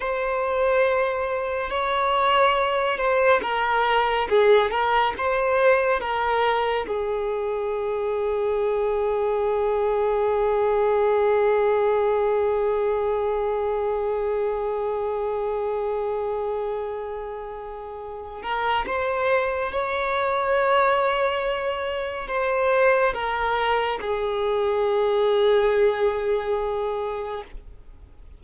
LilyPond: \new Staff \with { instrumentName = "violin" } { \time 4/4 \tempo 4 = 70 c''2 cis''4. c''8 | ais'4 gis'8 ais'8 c''4 ais'4 | gis'1~ | gis'1~ |
gis'1~ | gis'4. ais'8 c''4 cis''4~ | cis''2 c''4 ais'4 | gis'1 | }